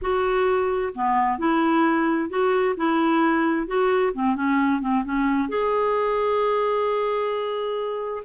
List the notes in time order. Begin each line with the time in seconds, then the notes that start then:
0.01 F#4
0.94 B3
1.38 E4
2.29 F#4
2.76 E4
3.67 F#4
4.13 C4
4.35 C#4
4.81 C4
5.04 C#4
5.48 G#4